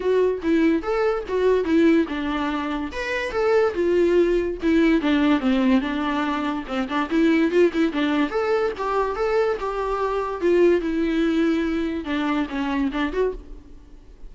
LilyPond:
\new Staff \with { instrumentName = "viola" } { \time 4/4 \tempo 4 = 144 fis'4 e'4 a'4 fis'4 | e'4 d'2 b'4 | a'4 f'2 e'4 | d'4 c'4 d'2 |
c'8 d'8 e'4 f'8 e'8 d'4 | a'4 g'4 a'4 g'4~ | g'4 f'4 e'2~ | e'4 d'4 cis'4 d'8 fis'8 | }